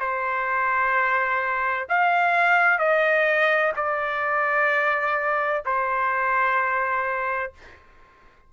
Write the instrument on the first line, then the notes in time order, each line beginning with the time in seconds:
trumpet
0.00 C5
1.89 F5
2.79 D#5
3.76 D5
5.65 C5